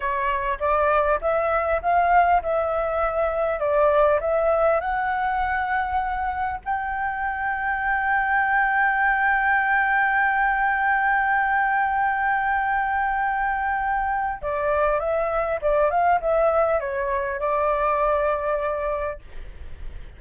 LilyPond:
\new Staff \with { instrumentName = "flute" } { \time 4/4 \tempo 4 = 100 cis''4 d''4 e''4 f''4 | e''2 d''4 e''4 | fis''2. g''4~ | g''1~ |
g''1~ | g''1 | d''4 e''4 d''8 f''8 e''4 | cis''4 d''2. | }